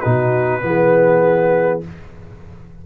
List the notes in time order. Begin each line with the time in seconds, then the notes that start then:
0.00 B2 D#4 F#4 B4
0.61 E3 B3 G#4